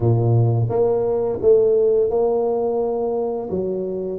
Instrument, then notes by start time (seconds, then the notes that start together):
tuba
0.00 A#2
0.69 A#3
1.41 A3
2.09 A#3
3.49 F#3